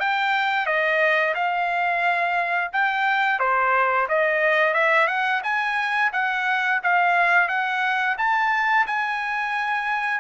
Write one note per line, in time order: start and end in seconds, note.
0.00 0.66 G5
0.66 1.35 D#5
1.35 2.71 F5
2.73 3.40 G5
3.40 4.08 C5
4.09 4.74 D#5
4.74 5.07 E5
5.07 5.41 F#5
5.44 6.12 G#5
6.13 6.81 F#5
6.83 7.48 F5
7.48 8.17 F#5
8.18 8.86 A5
8.87 10.21 G#5